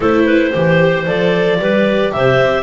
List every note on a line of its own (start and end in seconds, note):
0.00 0.52 A3
0.00 0.53 E4
0.00 0.25 A4
0.00 1.07 C5
0.25 0.52 B4
0.53 1.06 E3
0.53 1.06 G4
0.53 1.59 C5
1.06 1.59 F3
1.06 1.60 A4
1.06 2.12 D5
1.59 2.12 G3
1.59 2.63 G4
1.59 2.13 B4
2.12 2.38 C3
2.12 2.63 C5
2.12 2.63 E5
2.38 2.63 C4